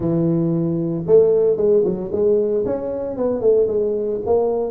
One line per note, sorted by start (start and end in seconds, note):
0.00 1.05 E3
1.06 1.56 A3
1.56 1.83 G#3
1.84 2.11 F#3
2.11 2.64 G#3
2.65 3.17 C#4
3.17 3.40 B3
3.40 3.67 A3
3.67 4.20 G#3
4.25 4.71 A#3